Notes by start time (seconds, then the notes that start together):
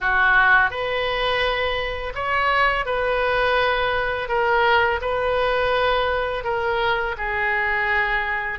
0.00 F#4
0.70 B4
2.14 C#5
2.85 B4
4.28 A#4
5.01 B4
6.44 A#4
7.17 G#4